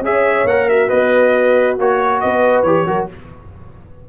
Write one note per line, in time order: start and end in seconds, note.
0.00 0.44 C#4
0.00 0.47 G#4
0.00 0.69 C#5
0.00 0.47 E5
0.44 0.88 A#3
0.44 0.88 A#4
0.44 0.68 F#5
0.68 2.22 F#4
0.68 0.89 E5
0.88 1.78 B3
0.88 1.76 B4
0.88 1.77 D#5
1.78 2.22 A#3
1.78 2.66 F#4
1.78 2.20 C#5
2.20 2.63 B3
2.20 2.87 B4
2.20 2.62 D#5
2.62 2.85 E3
2.62 2.87 G4
2.62 3.06 C#5
2.86 3.08 F#3
2.86 3.09 F#4
2.86 3.09 A#4